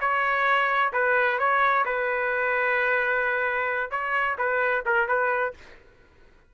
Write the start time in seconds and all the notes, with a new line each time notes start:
0.00 C#5
0.93 B4
1.38 C#5
1.85 B4
3.90 C#5
4.38 B4
4.85 A#4
5.08 B4